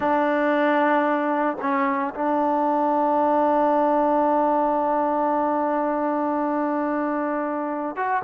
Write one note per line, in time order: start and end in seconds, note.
0.00 1.57 D4
1.61 2.14 C#4
2.14 7.96 D4
7.96 8.22 F#4